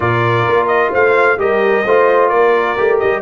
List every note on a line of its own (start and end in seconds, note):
0.00 0.46 A#2
0.00 1.37 F4
0.00 0.90 A#4
0.00 0.67 D5
0.47 0.93 A#3
0.67 0.90 D#5
0.90 1.37 A3
0.90 1.36 C5
0.90 1.39 F5
1.37 1.83 G3
1.37 1.84 G4
1.37 1.85 A#4
1.37 2.28 D#5
1.85 2.31 A3
1.85 2.77 F4
1.85 2.29 C5
2.28 2.77 A#3
2.28 3.21 A#4
2.28 2.98 D5
2.77 3.01 A3
2.77 3.22 G4
2.99 3.22 G3
2.99 3.22 D#5